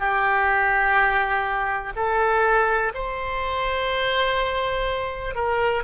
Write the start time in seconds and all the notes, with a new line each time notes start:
0.00 G4
1.96 A4
2.95 C5
5.36 A#4